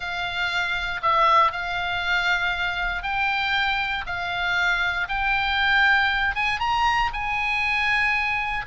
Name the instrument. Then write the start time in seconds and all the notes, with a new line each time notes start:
oboe
0.00 F5
1.02 E5
1.52 F5
3.03 G5
4.06 F5
5.08 G5
6.35 G#5
6.59 A#5
7.13 G#5